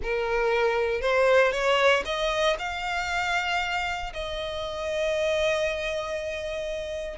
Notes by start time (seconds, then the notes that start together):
0.02 A#4
1.01 C5
1.52 C#5
2.05 D#5
2.59 F5
4.13 D#5